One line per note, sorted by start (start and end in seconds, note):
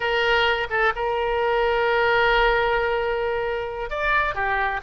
0.00 0.67 A#4
0.70 0.92 A4
0.95 3.89 A#4
3.89 4.34 D5
4.34 4.80 G4